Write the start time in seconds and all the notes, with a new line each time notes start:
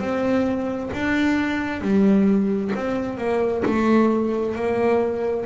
0.00 C4
0.93 D4
1.81 G3
2.76 C4
3.18 A#3
3.66 A3
4.55 A#3